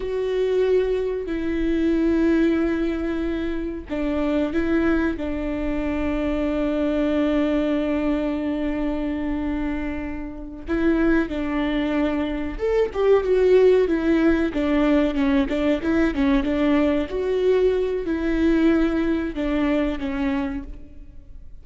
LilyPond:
\new Staff \with { instrumentName = "viola" } { \time 4/4 \tempo 4 = 93 fis'2 e'2~ | e'2 d'4 e'4 | d'1~ | d'1~ |
d'8 e'4 d'2 a'8 | g'8 fis'4 e'4 d'4 cis'8 | d'8 e'8 cis'8 d'4 fis'4. | e'2 d'4 cis'4 | }